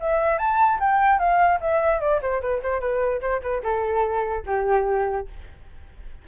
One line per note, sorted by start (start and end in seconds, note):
0.00 0.38 E5
0.38 0.79 A5
0.80 1.19 G5
1.19 1.59 F5
1.60 2.00 E5
2.00 2.20 D5
2.22 2.41 C5
2.41 2.61 B4
2.63 2.80 C5
2.80 3.20 B4
3.21 3.41 C5
3.42 3.62 B4
3.63 4.44 A4
4.46 5.27 G4